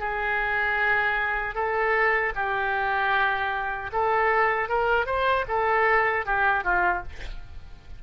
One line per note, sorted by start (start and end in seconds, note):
0.00 1.55 G#4
1.55 2.33 A4
2.36 3.91 G4
3.93 4.69 A4
4.69 5.06 A#4
5.06 5.45 C5
5.48 6.26 A4
6.26 6.64 G4
6.64 7.03 F4